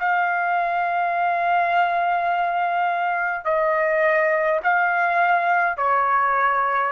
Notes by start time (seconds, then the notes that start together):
0.00 F5
3.46 D#5
4.64 F5
5.78 C#5